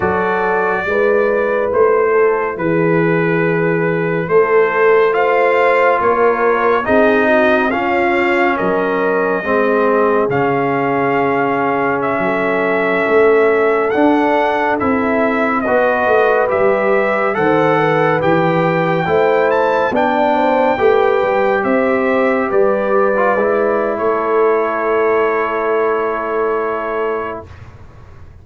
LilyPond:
<<
  \new Staff \with { instrumentName = "trumpet" } { \time 4/4 \tempo 4 = 70 d''2 c''4 b'4~ | b'4 c''4 f''4 cis''4 | dis''4 f''4 dis''2 | f''2 e''2~ |
e''16 fis''4 e''4 dis''4 e''8.~ | e''16 fis''4 g''4. a''8 g''8.~ | g''4~ g''16 e''4 d''4.~ d''16 | cis''1 | }
  \new Staff \with { instrumentName = "horn" } { \time 4/4 a'4 b'4. a'8 gis'4~ | gis'4 a'4 c''4 ais'4 | gis'8 fis'8 f'4 ais'4 gis'4~ | gis'2~ gis'16 a'4.~ a'16~ |
a'2~ a'16 b'4.~ b'16~ | b'16 c''8 b'4. c''4 d''8 c''16~ | c''16 b'4 c''4 b'4.~ b'16 | a'1 | }
  \new Staff \with { instrumentName = "trombone" } { \time 4/4 fis'4 e'2.~ | e'2 f'2 | dis'4 cis'2 c'4 | cis'1~ |
cis'16 d'4 e'4 fis'4 g'8.~ | g'16 a'4 g'4 e'4 d'8.~ | d'16 g'2~ g'8. f'16 e'8.~ | e'1 | }
  \new Staff \with { instrumentName = "tuba" } { \time 4/4 fis4 gis4 a4 e4~ | e4 a2 ais4 | c'4 cis'4 fis4 gis4 | cis2~ cis16 fis4 a8.~ |
a16 d'4 c'4 b8 a8 g8.~ | g16 dis4 e4 a4 b8.~ | b16 a8 g8 c'4 g4 gis8. | a1 | }
>>